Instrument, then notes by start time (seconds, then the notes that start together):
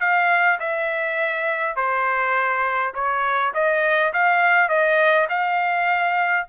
trumpet
0.00 F5
0.59 E5
1.76 C5
2.94 C#5
3.54 D#5
4.13 F5
4.69 D#5
5.29 F5